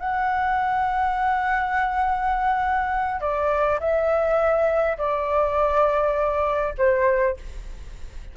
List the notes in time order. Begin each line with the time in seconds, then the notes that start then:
0.00 F#5
3.21 D5
3.80 E5
4.98 D5
6.78 C5